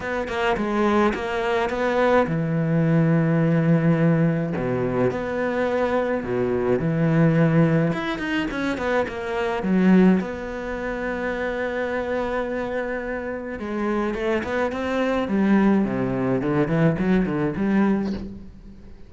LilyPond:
\new Staff \with { instrumentName = "cello" } { \time 4/4 \tempo 4 = 106 b8 ais8 gis4 ais4 b4 | e1 | b,4 b2 b,4 | e2 e'8 dis'8 cis'8 b8 |
ais4 fis4 b2~ | b1 | gis4 a8 b8 c'4 g4 | c4 d8 e8 fis8 d8 g4 | }